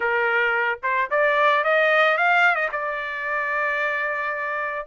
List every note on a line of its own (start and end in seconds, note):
0.00 0.79 A#4
0.83 1.10 C5
1.10 1.64 D5
1.64 2.17 D#5
2.17 2.55 F5
2.55 2.68 D#5
2.72 4.86 D5